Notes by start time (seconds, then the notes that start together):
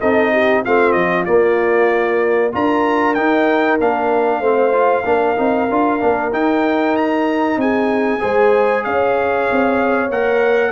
0.00 C4 D#4 A4 D#5
0.32 G4
0.64 A3 C4 F4 F5
0.92 F3 D#5
1.25 A#3 D5
2.53 D4 F4 A#4 A#5
3.15 D#4 G5
3.80 A#3 D4 F5
4.40 A3 C4 C5
4.73 F4
5.05 A#3 D4 A#4
5.36 C4 D#4
5.70 D4 F4
6.00 A#3 D4
6.32 D#4 G5
6.97 A#5
7.57 C4 G#4 G#5
8.19 G#3 G#4 C5
8.84 C#4 C#5 F5
9.52 C4
10.10 A#3 A#4 F#5